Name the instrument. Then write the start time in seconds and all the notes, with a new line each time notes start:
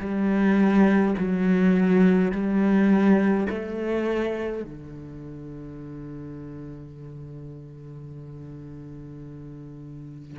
cello
0.00 G3
1.19 F#3
2.32 G3
3.50 A3
4.64 D3